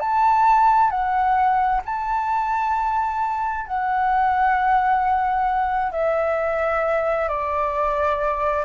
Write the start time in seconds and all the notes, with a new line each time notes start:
0.00 A5
0.90 F#5
1.85 A5
3.67 F#5
5.92 E5
7.29 D5